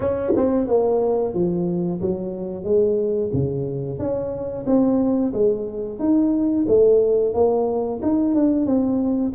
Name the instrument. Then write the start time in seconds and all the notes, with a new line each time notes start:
tuba
0.00 C#4
0.35 C4
0.67 A#3
1.34 F3
2.01 F#3
2.64 G#3
3.33 C#3
3.98 C#4
4.66 C4
5.33 G#3
5.99 D#4
6.68 A3
7.34 A#3
8.02 D#4
8.34 D4
8.65 C4